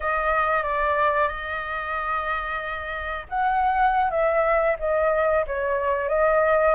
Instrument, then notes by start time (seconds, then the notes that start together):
flute
0.00 D#5
0.63 D5
1.28 D#5
3.29 F#5
4.10 E5
4.79 D#5
5.46 C#5
6.08 D#5